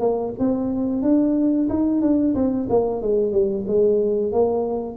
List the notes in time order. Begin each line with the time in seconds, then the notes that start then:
0.00 A#3
0.39 C4
1.02 D4
1.70 D#4
2.01 D4
2.35 C4
2.69 A#3
3.02 G#3
3.32 G3
3.67 G#3
4.32 A#3